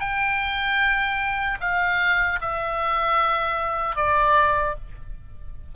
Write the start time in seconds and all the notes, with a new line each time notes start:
0.00 G5
1.60 F5
2.41 E5
3.96 D5